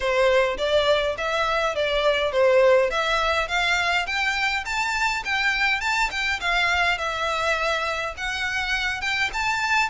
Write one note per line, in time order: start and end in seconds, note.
0.00 0.57 C5
0.57 1.15 D5
1.17 1.75 E5
1.75 2.32 D5
2.32 2.90 C5
2.90 3.48 E5
3.48 4.06 F5
4.06 4.64 G5
4.65 5.23 A5
5.24 5.81 G5
5.81 6.10 A5
6.10 6.39 G5
6.40 6.97 F5
6.97 8.14 E5
8.17 9.01 F#5
9.01 9.30 G5
9.33 9.89 A5